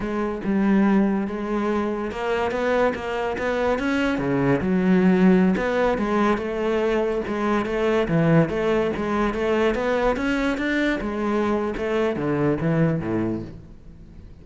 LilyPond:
\new Staff \with { instrumentName = "cello" } { \time 4/4 \tempo 4 = 143 gis4 g2 gis4~ | gis4 ais4 b4 ais4 | b4 cis'4 cis4 fis4~ | fis4~ fis16 b4 gis4 a8.~ |
a4~ a16 gis4 a4 e8.~ | e16 a4 gis4 a4 b8.~ | b16 cis'4 d'4 gis4.~ gis16 | a4 d4 e4 a,4 | }